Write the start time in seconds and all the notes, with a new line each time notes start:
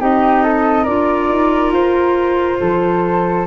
0.00 C4 D#4 G4 D#5
0.44 A4
0.84 D4 F4 A#4 D5
1.30 D#4
1.73 F4 C5
2.61 F3 A4